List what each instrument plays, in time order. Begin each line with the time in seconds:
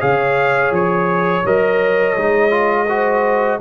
0.00 tuba C#3, trombone G#4, horn C#5, trumpet F5
0.71 tuba F3, trumpet C#5
1.44 tuba F#3, trombone A#4, trumpet D#5
2.17 tuba G#3, trombone D#4
2.50 trombone F4
2.88 trombone F#4, horn C5